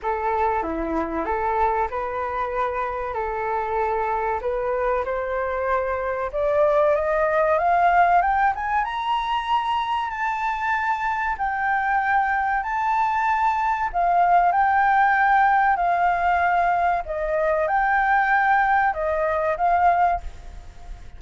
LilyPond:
\new Staff \with { instrumentName = "flute" } { \time 4/4 \tempo 4 = 95 a'4 e'4 a'4 b'4~ | b'4 a'2 b'4 | c''2 d''4 dis''4 | f''4 g''8 gis''8 ais''2 |
a''2 g''2 | a''2 f''4 g''4~ | g''4 f''2 dis''4 | g''2 dis''4 f''4 | }